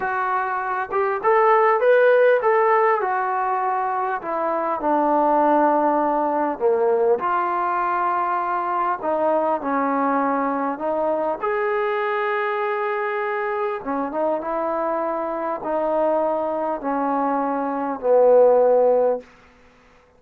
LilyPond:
\new Staff \with { instrumentName = "trombone" } { \time 4/4 \tempo 4 = 100 fis'4. g'8 a'4 b'4 | a'4 fis'2 e'4 | d'2. ais4 | f'2. dis'4 |
cis'2 dis'4 gis'4~ | gis'2. cis'8 dis'8 | e'2 dis'2 | cis'2 b2 | }